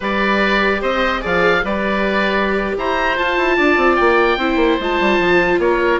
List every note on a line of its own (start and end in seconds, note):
0.00 0.82 G3
0.00 1.20 G4
0.00 0.81 B4
0.00 0.82 D5
0.81 1.22 C4
0.81 1.21 C5
0.81 1.23 D#5
1.20 1.63 F3
1.20 1.61 G#4
1.20 1.61 D5
1.20 1.65 F5
1.63 2.76 G3
1.63 3.16 G4
1.63 2.76 B4
1.63 2.77 D5
2.77 3.18 E4
2.77 3.56 C5
2.77 3.17 A#5
3.16 4.38 F4
3.16 3.37 F4
3.16 3.96 A5
3.37 3.57 E4
3.56 3.76 D4
3.56 4.38 D5
3.76 3.97 C4
3.96 4.37 A#3
3.96 4.77 G5
4.37 4.56 C4
4.37 4.80 E4
4.37 5.60 C5
4.56 4.76 A#3
4.79 5.00 G#3
4.79 6.00 F4
4.79 5.60 A5
5.00 5.18 G3
5.18 5.58 F3
5.58 5.99 A#3
5.58 6.00 A#4
5.58 6.00 C#5